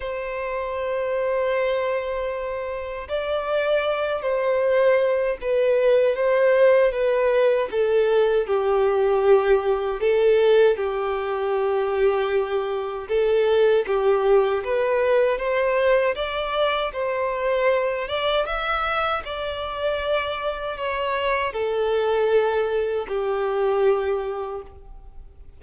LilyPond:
\new Staff \with { instrumentName = "violin" } { \time 4/4 \tempo 4 = 78 c''1 | d''4. c''4. b'4 | c''4 b'4 a'4 g'4~ | g'4 a'4 g'2~ |
g'4 a'4 g'4 b'4 | c''4 d''4 c''4. d''8 | e''4 d''2 cis''4 | a'2 g'2 | }